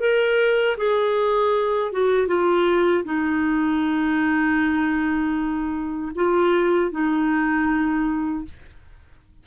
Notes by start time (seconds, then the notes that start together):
0.00 A#4
0.77 G#4
1.92 F#4
2.27 F4
3.05 D#4
6.15 F4
6.91 D#4